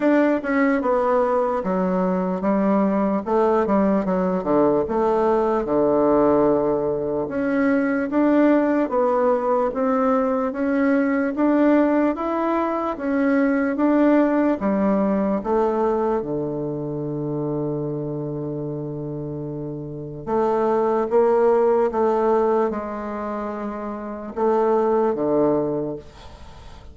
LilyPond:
\new Staff \with { instrumentName = "bassoon" } { \time 4/4 \tempo 4 = 74 d'8 cis'8 b4 fis4 g4 | a8 g8 fis8 d8 a4 d4~ | d4 cis'4 d'4 b4 | c'4 cis'4 d'4 e'4 |
cis'4 d'4 g4 a4 | d1~ | d4 a4 ais4 a4 | gis2 a4 d4 | }